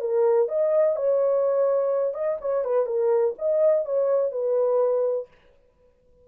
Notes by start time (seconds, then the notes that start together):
0.00 A#4
0.48 D#5
0.96 C#5
2.14 D#5
2.40 C#5
2.64 B4
2.86 A#4
3.38 D#5
3.85 C#5
4.31 B4